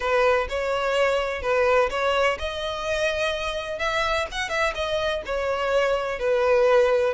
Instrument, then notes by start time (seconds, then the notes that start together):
violin
0.00 B4
0.49 C#5
1.42 B4
1.90 C#5
2.39 D#5
3.79 E5
4.31 F#5
4.49 E5
4.74 D#5
5.25 C#5
6.19 B4